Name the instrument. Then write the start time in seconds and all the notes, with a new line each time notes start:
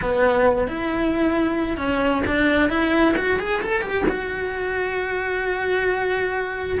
cello
0.01 B3
0.67 E4
1.77 C#4
2.26 D4
2.69 E4
3.16 F#4
3.39 G#4
3.62 A4
3.81 G4
4.08 F#4